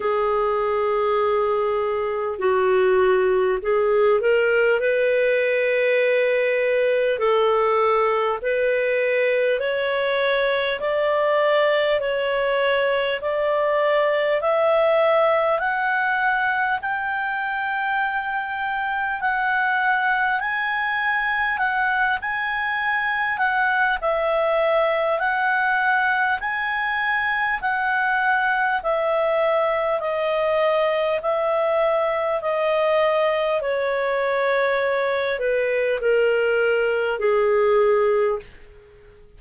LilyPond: \new Staff \with { instrumentName = "clarinet" } { \time 4/4 \tempo 4 = 50 gis'2 fis'4 gis'8 ais'8 | b'2 a'4 b'4 | cis''4 d''4 cis''4 d''4 | e''4 fis''4 g''2 |
fis''4 gis''4 fis''8 gis''4 fis''8 | e''4 fis''4 gis''4 fis''4 | e''4 dis''4 e''4 dis''4 | cis''4. b'8 ais'4 gis'4 | }